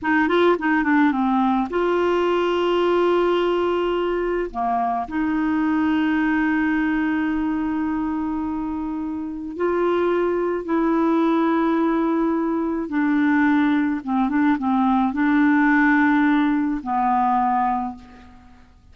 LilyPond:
\new Staff \with { instrumentName = "clarinet" } { \time 4/4 \tempo 4 = 107 dis'8 f'8 dis'8 d'8 c'4 f'4~ | f'1 | ais4 dis'2.~ | dis'1~ |
dis'4 f'2 e'4~ | e'2. d'4~ | d'4 c'8 d'8 c'4 d'4~ | d'2 b2 | }